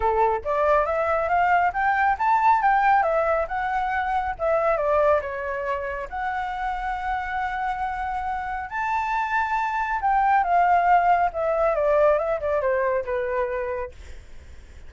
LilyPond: \new Staff \with { instrumentName = "flute" } { \time 4/4 \tempo 4 = 138 a'4 d''4 e''4 f''4 | g''4 a''4 g''4 e''4 | fis''2 e''4 d''4 | cis''2 fis''2~ |
fis''1 | a''2. g''4 | f''2 e''4 d''4 | e''8 d''8 c''4 b'2 | }